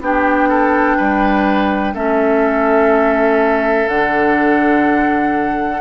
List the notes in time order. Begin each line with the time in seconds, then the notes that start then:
0.00 B3 D4 G4 G5
0.48 A4
0.96 G3 B4
1.94 A3 C#4 A4 E5
3.87 D3 D4 F#5